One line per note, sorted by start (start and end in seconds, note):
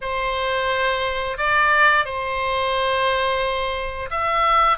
0.01 1.37 C5
1.37 2.05 D5
2.05 4.09 C5
4.10 4.77 E5